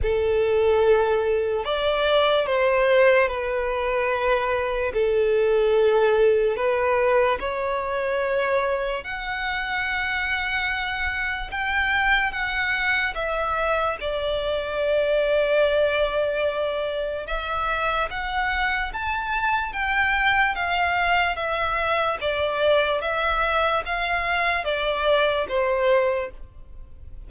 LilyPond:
\new Staff \with { instrumentName = "violin" } { \time 4/4 \tempo 4 = 73 a'2 d''4 c''4 | b'2 a'2 | b'4 cis''2 fis''4~ | fis''2 g''4 fis''4 |
e''4 d''2.~ | d''4 e''4 fis''4 a''4 | g''4 f''4 e''4 d''4 | e''4 f''4 d''4 c''4 | }